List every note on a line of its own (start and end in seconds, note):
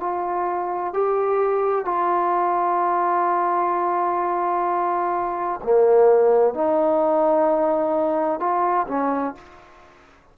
0.00 0.93 F4
0.93 1.85 G4
1.85 5.60 F4
5.63 6.55 A#3
6.55 8.40 D#4
8.40 8.87 F4
8.88 9.35 C#4